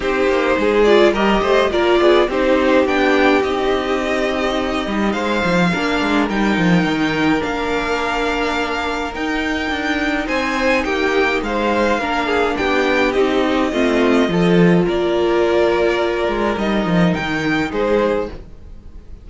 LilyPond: <<
  \new Staff \with { instrumentName = "violin" } { \time 4/4 \tempo 4 = 105 c''4. d''8 dis''4 d''4 | c''4 g''4 dis''2~ | dis''4 f''2 g''4~ | g''4 f''2. |
g''2 gis''4 g''4 | f''2 g''4 dis''4~ | dis''2 d''2~ | d''4 dis''4 g''4 c''4 | }
  \new Staff \with { instrumentName = "violin" } { \time 4/4 g'4 gis'4 ais'8 c''8 ais'8 gis'8 | g'1~ | g'4 c''4 ais'2~ | ais'1~ |
ais'2 c''4 g'4 | c''4 ais'8 gis'8 g'2 | f'4 a'4 ais'2~ | ais'2. gis'4 | }
  \new Staff \with { instrumentName = "viola" } { \time 4/4 dis'4. f'8 g'4 f'4 | dis'4 d'4 dis'2~ | dis'2 d'4 dis'4~ | dis'4 d'2. |
dis'1~ | dis'4 d'2 dis'4 | c'4 f'2.~ | f'4 dis'2. | }
  \new Staff \with { instrumentName = "cello" } { \time 4/4 c'8 ais8 gis4 g8 a8 ais8 b8 | c'4 b4 c'2~ | c'8 g8 gis8 f8 ais8 gis8 g8 f8 | dis4 ais2. |
dis'4 d'4 c'4 ais4 | gis4 ais4 b4 c'4 | a4 f4 ais2~ | ais8 gis8 g8 f8 dis4 gis4 | }
>>